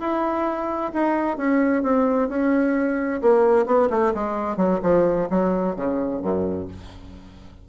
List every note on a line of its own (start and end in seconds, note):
0.00 0.92 E4
0.94 1.37 D#4
1.37 1.83 C#4
1.83 2.29 C4
2.29 3.22 C#4
3.22 3.67 A#3
3.67 3.90 B3
3.90 4.13 A3
4.15 4.57 G#3
4.57 4.80 F#3
4.83 5.29 F3
5.30 5.76 F#3
5.76 6.22 C#3
6.22 6.69 F#2